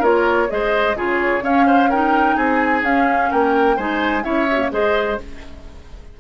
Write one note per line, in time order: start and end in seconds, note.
0.00 0.49 A#3
0.00 0.49 F4
0.00 0.47 A#4
0.00 0.51 C#5
0.49 0.96 G#3
0.49 0.95 G#4
0.49 0.97 C5
0.49 0.98 D#5
0.96 1.42 C#3
0.96 1.42 F4
0.96 1.44 G#4
0.96 1.45 C#5
1.42 1.88 C#4
1.42 2.36 C#4
1.42 1.67 C#5
1.42 1.91 F5
1.67 1.90 C5
1.90 2.84 D#4
1.90 2.37 A#4
1.90 2.38 G5
2.37 2.83 C4
2.37 3.30 G#4
2.37 2.85 G#5
2.83 3.30 C#4
2.83 3.78 C#4
2.83 3.32 F5
3.32 3.78 A#3
3.32 3.77 A#4
3.32 3.78 G5
3.77 4.25 G#3
3.77 4.23 D#4
3.77 4.24 C5
3.77 4.24 G#5
4.23 4.72 C#4
4.23 4.47 E4
4.23 4.72 C#5
4.23 4.71 E5
4.52 4.70 A#3
4.52 4.58 F#4
4.72 5.19 G#3
4.72 5.18 G#4
4.72 5.20 C5
4.72 5.20 D#5